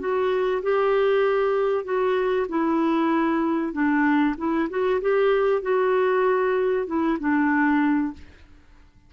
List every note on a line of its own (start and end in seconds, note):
0.00 0.62 F#4
0.63 1.85 G4
1.85 2.47 F#4
2.49 3.73 E4
3.73 4.36 D4
4.38 4.69 E4
4.70 5.01 F#4
5.02 5.62 G4
5.62 6.87 F#4
6.87 7.18 E4
7.20 8.14 D4